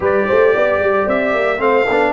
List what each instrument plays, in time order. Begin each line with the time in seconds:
0.00 tuba G3, trombone G4, horn B4, trumpet D5
0.27 tuba A3, horn C5
0.54 tuba B3, horn D5
0.79 tuba G3
1.06 tuba C4, trumpet E5
1.33 tuba A#3
1.58 tuba A3, trombone C4, horn C5, trumpet F5
1.84 tuba B3, horn A4
1.91 trombone D4